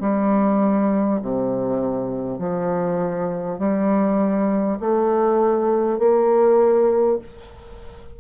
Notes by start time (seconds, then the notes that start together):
0.00 G3
1.22 C3
2.38 F3
3.58 G3
4.80 A3
5.99 A#3